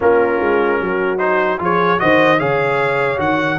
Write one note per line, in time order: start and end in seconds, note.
0.00 0.40 A#3
0.00 1.18 C#4
0.00 0.81 F4
0.00 1.18 A#4
0.40 0.80 G#3
0.80 1.59 F#3
0.80 1.61 F#4
1.18 1.58 D#4
1.18 1.58 C5
1.58 1.99 F3
1.58 1.98 F4
1.58 2.01 G#4
1.58 1.99 C#5
1.98 2.40 D#3
1.98 2.38 F#4
1.98 2.39 C5
1.98 2.39 D#5
2.39 3.19 C#3
2.39 3.17 G#4
2.39 3.58 C#5
2.39 3.19 F5
3.17 3.58 D#3
3.17 3.57 F#4
3.17 3.58 F#5